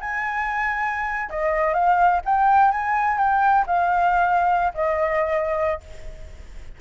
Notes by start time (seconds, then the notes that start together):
0.00 G#5
1.29 D#5
1.74 F5
2.25 G5
2.71 G#5
3.18 G5
3.66 F5
4.74 D#5